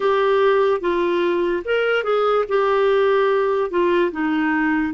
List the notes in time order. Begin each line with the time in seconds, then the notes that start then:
0.00 G4
0.80 F4
1.64 A#4
2.03 G#4
2.48 G4
3.70 F4
4.11 D#4